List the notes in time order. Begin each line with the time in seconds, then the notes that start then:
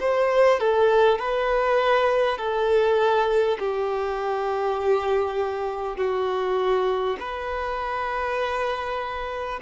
0.00 C5
0.60 A4
1.18 B4
2.38 A4
3.59 G4
5.97 F#4
7.19 B4